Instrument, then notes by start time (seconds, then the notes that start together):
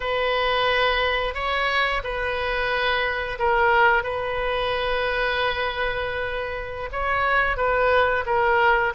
oboe
0.00 B4
1.34 C#5
2.03 B4
3.38 A#4
4.03 B4
6.92 C#5
7.57 B4
8.26 A#4